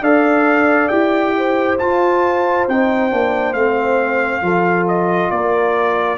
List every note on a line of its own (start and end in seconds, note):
0.00 0.88 D4
0.00 0.90 A4
0.00 1.34 D5
0.00 0.88 F5
0.88 1.79 E4
0.88 1.78 G4
0.88 1.76 G5
1.37 4.43 C5
1.78 2.67 F4
1.78 2.69 F4
1.78 2.66 A5
2.67 3.11 C4
2.67 3.10 D#4
2.67 3.53 G5
3.10 3.53 A#3
3.10 3.54 D4
3.53 4.41 A3
3.53 4.42 C4
3.53 4.85 F5
4.41 5.29 F3
4.41 6.17 F4
4.41 5.31 A4
4.87 5.30 D#5
5.30 6.17 A#3
5.30 6.17 A#4
5.30 6.17 D5